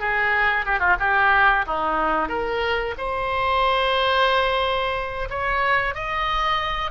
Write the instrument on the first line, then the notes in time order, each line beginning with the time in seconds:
oboe
0.00 G#4
0.66 G4
0.79 F4
1.00 G4
1.67 D#4
2.29 A#4
2.98 C5
5.30 C#5
5.95 D#5